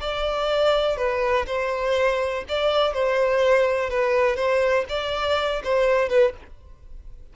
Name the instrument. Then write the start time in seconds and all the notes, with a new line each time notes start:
violin
0.00 D5
0.97 B4
1.46 C5
2.48 D5
2.93 C5
3.90 B4
4.36 C5
4.89 D5
5.63 C5
6.09 B4